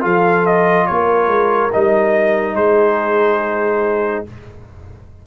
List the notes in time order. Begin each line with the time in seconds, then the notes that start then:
0.00 F3 F4 A4 F5
0.45 D#5
0.86 A#3 A#4 C#5
1.27 G#3
1.72 G3 D#4 D#5
2.54 G#3 G#4 C5